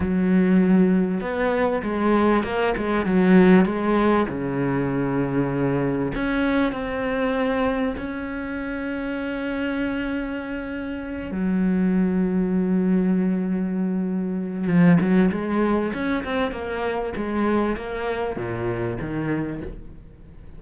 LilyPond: \new Staff \with { instrumentName = "cello" } { \time 4/4 \tempo 4 = 98 fis2 b4 gis4 | ais8 gis8 fis4 gis4 cis4~ | cis2 cis'4 c'4~ | c'4 cis'2.~ |
cis'2~ cis'8 fis4.~ | fis1 | f8 fis8 gis4 cis'8 c'8 ais4 | gis4 ais4 ais,4 dis4 | }